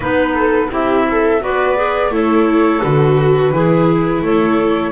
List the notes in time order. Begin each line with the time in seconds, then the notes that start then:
0.00 B3 D#4 B4
0.34 A4
0.70 C4 E4 G4 E5
1.11 A4
1.40 B3 F#4 B4 D5
1.76 G#4
2.09 A3 E4 A4 C#5
2.82 D3 F#4 B4
3.51 E3 E4 G#4
4.22 A3 A4 C#5